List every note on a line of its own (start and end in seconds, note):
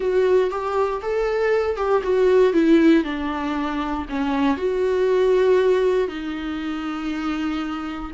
0.00 0.50 F#4
0.50 1.01 G4
1.01 1.76 A4
1.76 2.02 G4
2.02 2.53 F#4
2.53 3.03 E4
3.04 4.05 D4
4.09 4.57 C#4
4.57 6.08 F#4
6.08 8.11 D#4